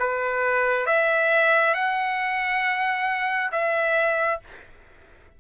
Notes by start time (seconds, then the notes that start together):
0.00 B4
0.86 E5
1.74 F#5
3.52 E5